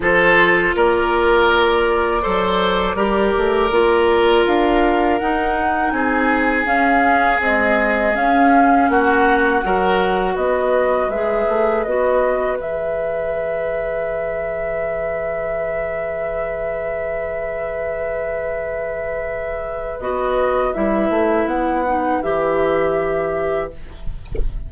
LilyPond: <<
  \new Staff \with { instrumentName = "flute" } { \time 4/4 \tempo 4 = 81 c''4 d''2.~ | d''2 f''4 fis''4 | gis''4 f''4 dis''4 f''4 | fis''2 dis''4 e''4 |
dis''4 e''2.~ | e''1~ | e''2. dis''4 | e''4 fis''4 e''2 | }
  \new Staff \with { instrumentName = "oboe" } { \time 4/4 a'4 ais'2 c''4 | ais'1 | gis'1 | fis'4 ais'4 b'2~ |
b'1~ | b'1~ | b'1~ | b'1 | }
  \new Staff \with { instrumentName = "clarinet" } { \time 4/4 f'2. a'4 | g'4 f'2 dis'4~ | dis'4 cis'4 gis4 cis'4~ | cis'4 fis'2 gis'4 |
fis'4 gis'2.~ | gis'1~ | gis'2. fis'4 | e'4. dis'8 g'2 | }
  \new Staff \with { instrumentName = "bassoon" } { \time 4/4 f4 ais2 fis4 | g8 a8 ais4 d'4 dis'4 | c'4 cis'4 c'4 cis'4 | ais4 fis4 b4 gis8 a8 |
b4 e2.~ | e1~ | e2. b4 | g8 a8 b4 e2 | }
>>